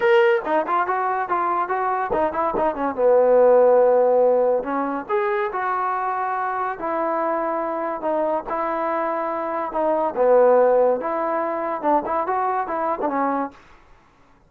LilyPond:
\new Staff \with { instrumentName = "trombone" } { \time 4/4 \tempo 4 = 142 ais'4 dis'8 f'8 fis'4 f'4 | fis'4 dis'8 e'8 dis'8 cis'8 b4~ | b2. cis'4 | gis'4 fis'2. |
e'2. dis'4 | e'2. dis'4 | b2 e'2 | d'8 e'8 fis'4 e'8. d'16 cis'4 | }